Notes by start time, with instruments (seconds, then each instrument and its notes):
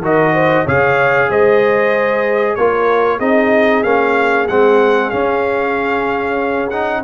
0.00 tuba D#3, trombone F#4, horn A#4, trumpet D#5
0.34 horn C5
0.65 tuba C#3, trombone G#4, horn C#5, trumpet F5
1.30 tuba G#3, horn C5, trumpet D#5
2.56 tuba A#3, trombone F4, horn A#4, trumpet C#5
3.19 tuba C4, trombone D#4, horn G#4, trumpet D#5
3.84 tuba A#3, trombone C#4, trumpet F5
4.48 tuba G#3, trombone C4, trumpet F#5
5.11 trombone C#4, tuba C#4, trumpet F5
6.71 trombone D#4, trumpet F#5